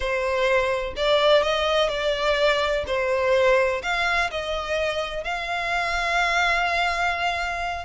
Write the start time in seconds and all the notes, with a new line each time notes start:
0.00 C5
0.96 D5
1.42 D#5
1.89 D5
2.86 C5
3.82 F5
4.30 D#5
5.23 F5